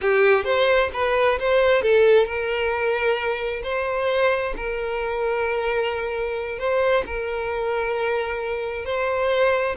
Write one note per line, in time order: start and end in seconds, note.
0.01 0.44 G4
0.44 0.90 C5
0.93 1.38 B4
1.39 1.82 C5
1.82 2.26 A4
2.26 3.62 A#4
3.63 4.54 C5
4.56 6.58 A#4
6.58 7.04 C5
7.06 8.85 A#4
8.85 9.76 C5